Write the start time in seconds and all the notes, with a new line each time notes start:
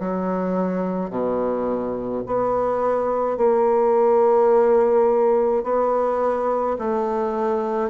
0.00 F#3
1.10 B2
2.26 B3
3.38 A#3
5.63 B3
6.79 A3